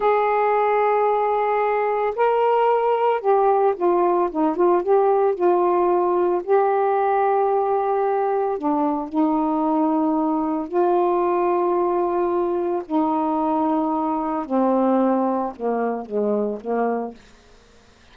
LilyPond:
\new Staff \with { instrumentName = "saxophone" } { \time 4/4 \tempo 4 = 112 gis'1 | ais'2 g'4 f'4 | dis'8 f'8 g'4 f'2 | g'1 |
d'4 dis'2. | f'1 | dis'2. c'4~ | c'4 ais4 gis4 ais4 | }